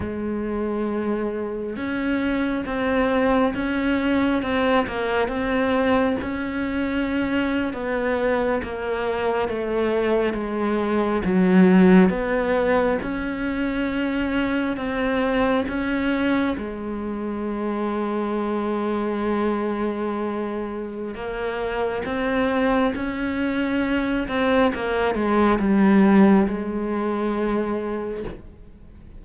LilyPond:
\new Staff \with { instrumentName = "cello" } { \time 4/4 \tempo 4 = 68 gis2 cis'4 c'4 | cis'4 c'8 ais8 c'4 cis'4~ | cis'8. b4 ais4 a4 gis16~ | gis8. fis4 b4 cis'4~ cis'16~ |
cis'8. c'4 cis'4 gis4~ gis16~ | gis1 | ais4 c'4 cis'4. c'8 | ais8 gis8 g4 gis2 | }